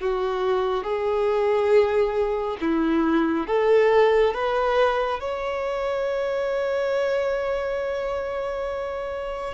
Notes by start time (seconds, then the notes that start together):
0.00 F#4
0.84 G#4
2.61 E4
3.47 A4
4.34 B4
5.20 C#5